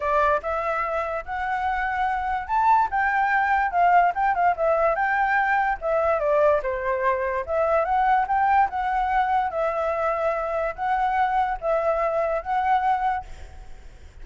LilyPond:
\new Staff \with { instrumentName = "flute" } { \time 4/4 \tempo 4 = 145 d''4 e''2 fis''4~ | fis''2 a''4 g''4~ | g''4 f''4 g''8 f''8 e''4 | g''2 e''4 d''4 |
c''2 e''4 fis''4 | g''4 fis''2 e''4~ | e''2 fis''2 | e''2 fis''2 | }